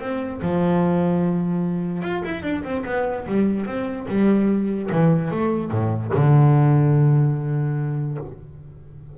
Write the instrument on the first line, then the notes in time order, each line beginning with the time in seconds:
double bass
0.00 C4
0.42 F3
2.02 F4
2.25 E4
2.43 D4
2.64 C4
2.86 B3
3.27 G3
3.66 C4
4.08 G3
4.92 E3
5.31 A3
5.71 A2
6.14 D3